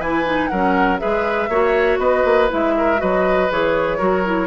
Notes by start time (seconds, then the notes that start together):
0.00 E3 E4 B4 G#5
0.26 D#4
0.48 F#3 C#4 A#4 F#5
0.99 G#3 G#4 B4 E5
1.49 A#3 F#4 C#5
1.99 B3 B4 D#5
2.25 A#3
2.49 G#3 E4 E5
2.78 A#4
2.97 F#3 F#4 B4 D#5
3.51 E3 G#4 C#5
3.98 F#3 F#4 A#4
4.26 E4